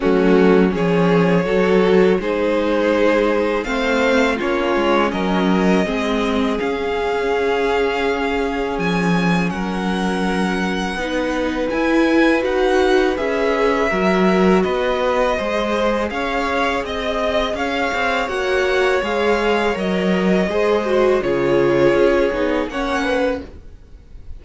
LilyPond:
<<
  \new Staff \with { instrumentName = "violin" } { \time 4/4 \tempo 4 = 82 fis'4 cis''2 c''4~ | c''4 f''4 cis''4 dis''4~ | dis''4 f''2. | gis''4 fis''2. |
gis''4 fis''4 e''2 | dis''2 f''4 dis''4 | f''4 fis''4 f''4 dis''4~ | dis''4 cis''2 fis''4 | }
  \new Staff \with { instrumentName = "violin" } { \time 4/4 cis'4 gis'4 a'4 gis'4~ | gis'4 c''4 f'4 ais'4 | gis'1~ | gis'4 ais'2 b'4~ |
b'2. ais'4 | b'4 c''4 cis''4 dis''4 | cis''1 | c''4 gis'2 cis''8 b'8 | }
  \new Staff \with { instrumentName = "viola" } { \time 4/4 a4 cis'4 fis'4 dis'4~ | dis'4 c'4 cis'2 | c'4 cis'2.~ | cis'2. dis'4 |
e'4 fis'4 gis'4 fis'4~ | fis'4 gis'2.~ | gis'4 fis'4 gis'4 ais'4 | gis'8 fis'8 f'4. dis'8 cis'4 | }
  \new Staff \with { instrumentName = "cello" } { \time 4/4 fis4 f4 fis4 gis4~ | gis4 a4 ais8 gis8 fis4 | gis4 cis'2. | f4 fis2 b4 |
e'4 dis'4 cis'4 fis4 | b4 gis4 cis'4 c'4 | cis'8 c'8 ais4 gis4 fis4 | gis4 cis4 cis'8 b8 ais4 | }
>>